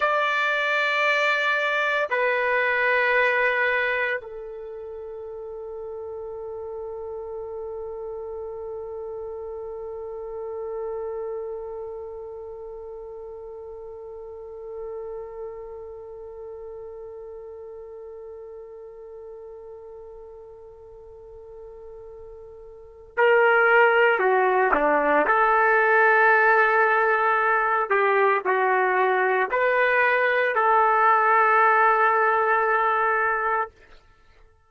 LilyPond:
\new Staff \with { instrumentName = "trumpet" } { \time 4/4 \tempo 4 = 57 d''2 b'2 | a'1~ | a'1~ | a'1~ |
a'1~ | a'2 ais'4 fis'8 d'8 | a'2~ a'8 g'8 fis'4 | b'4 a'2. | }